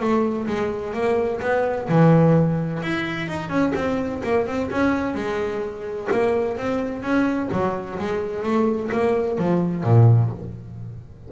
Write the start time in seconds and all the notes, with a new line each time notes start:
0.00 A3
0.47 G#3
0.94 A#3
1.41 B3
1.89 E3
2.83 E4
3.28 D#4
3.49 C#4
3.75 C4
4.23 A#3
4.47 C4
4.71 C#4
5.15 G#3
6.12 A#3
6.58 C4
7.02 C#4
7.52 F#3
7.99 G#3
8.43 A3
8.92 A#3
9.38 F3
9.84 A#2